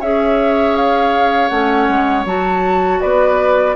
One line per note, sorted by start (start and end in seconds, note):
0.00 1.50 C#4
0.00 1.51 G#4
0.00 3.00 C#5
0.00 0.76 E5
0.76 1.48 F5
1.48 1.88 A3
1.48 2.26 C#4
1.48 2.23 F#5
1.88 2.25 G#3
2.25 3.00 F#3
2.25 3.76 F#4
2.25 3.00 A5
3.00 3.76 B3
3.00 3.76 B4
3.00 3.75 D5